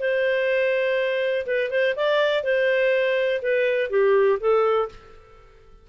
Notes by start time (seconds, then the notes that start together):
0.00 C5
1.47 B4
1.71 C5
1.96 D5
2.44 C5
3.42 B4
3.90 G4
4.41 A4